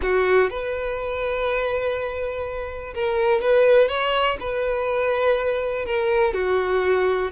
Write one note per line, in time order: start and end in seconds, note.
0.02 0.50 F#4
0.50 2.94 B4
2.94 3.41 A#4
3.41 3.88 B4
3.88 4.37 C#5
4.40 5.85 B4
5.85 6.33 A#4
6.33 7.31 F#4